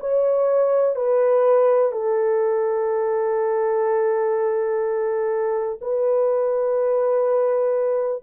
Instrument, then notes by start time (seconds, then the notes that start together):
horn
0.00 C#5
0.95 B4
1.92 A4
5.81 B4